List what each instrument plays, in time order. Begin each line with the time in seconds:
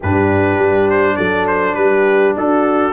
0.00 tuba G2, trombone D4, horn G4, trumpet B4
0.58 tuba G3
0.90 trumpet C5
1.16 tuba F#3, horn A4, trumpet D5
1.47 trumpet C5
1.74 tuba G3, horn G4, trumpet B4
2.36 tuba D4, horn F#4, trumpet A4